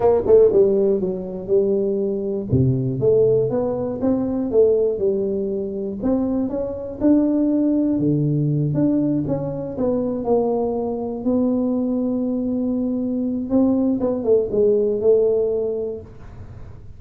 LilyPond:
\new Staff \with { instrumentName = "tuba" } { \time 4/4 \tempo 4 = 120 ais8 a8 g4 fis4 g4~ | g4 c4 a4 b4 | c'4 a4 g2 | c'4 cis'4 d'2 |
d4. d'4 cis'4 b8~ | b8 ais2 b4.~ | b2. c'4 | b8 a8 gis4 a2 | }